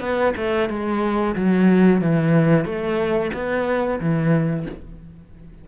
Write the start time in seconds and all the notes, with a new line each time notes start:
0.00 B3
0.37 A3
0.69 G#3
1.35 F#3
2.01 E3
2.65 A3
3.34 B3
4.00 E3